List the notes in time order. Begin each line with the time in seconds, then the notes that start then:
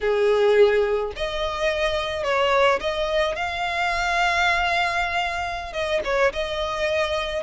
0.00 G#4
1.16 D#5
2.23 C#5
2.80 D#5
3.35 F5
5.72 D#5
6.04 C#5
6.33 D#5